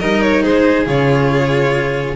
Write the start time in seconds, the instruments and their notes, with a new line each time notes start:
0.00 double bass G3, cello D#4, violin A#4 D#5
0.22 violin C#5
0.43 double bass G#3, violin G#4 C5
0.86 double bass C#3, cello F4, violin C#5